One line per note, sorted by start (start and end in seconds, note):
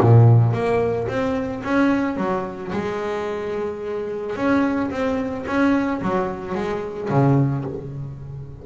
0.00 0.53 A#2
0.53 1.08 A#3
1.08 1.62 C4
1.64 2.17 C#4
2.17 2.71 F#3
2.72 4.36 G#3
4.36 4.90 C#4
4.91 5.45 C4
5.47 6.01 C#4
6.01 6.55 F#3
6.55 7.09 G#3
7.10 7.64 C#3